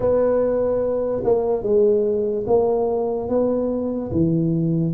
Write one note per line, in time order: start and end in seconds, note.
0.00 1.22 B3
1.24 1.63 A#3
1.63 2.45 G#3
2.47 3.29 A#3
3.29 4.11 B3
4.11 4.94 E3